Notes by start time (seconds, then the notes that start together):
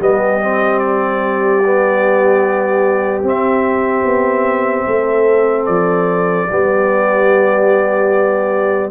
0.00 G3 B3 G4 D#5
0.41 C4
0.79 D5
1.64 B3
3.23 C4 E5
4.04 B3
4.87 A3 A4
5.65 F3 D5
6.50 G3 B3 G4